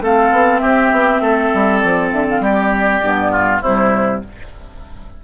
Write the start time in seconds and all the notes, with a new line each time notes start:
0.00 A3 C4 A4 F5
0.31 B3
0.59 C4 G4 E5
0.91 B3
1.20 A3 A4
1.54 G3
1.79 F3 D5
2.11 D3 E5
2.29 F5
2.40 G3 G4 D5
3.03 G2 B3
3.31 F4
3.61 C3 G3 E4 C5